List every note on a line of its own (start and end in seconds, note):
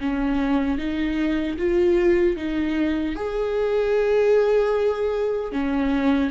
0.00 0.78 C#4
0.78 1.57 D#4
1.58 2.36 F4
2.36 3.15 D#4
3.15 5.52 G#4
5.52 6.31 C#4